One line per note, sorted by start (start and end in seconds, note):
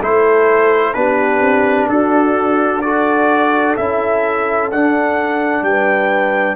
0.00 0.95 A3
0.00 0.95 E4
0.00 0.94 A4
0.00 0.94 C5
0.94 1.41 B3
0.94 2.82 D4
0.94 1.89 G4
0.94 1.88 B4
1.41 1.88 C4
1.89 3.77 D4
1.89 2.83 F#4
1.89 2.82 A4
2.82 3.77 F#4
2.82 5.64 A4
2.82 3.75 D5
3.77 4.71 C#4
3.77 4.72 E4
3.77 4.70 E5
4.71 5.62 D4
4.71 6.56 D4
4.71 5.64 F#5
5.62 6.56 G3
5.62 6.56 B4
5.62 6.56 G5